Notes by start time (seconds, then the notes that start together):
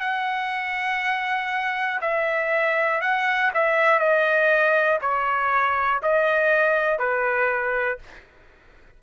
0.00 F#5
2.01 E5
3.01 F#5
3.54 E5
3.99 D#5
5.01 C#5
6.03 D#5
6.99 B4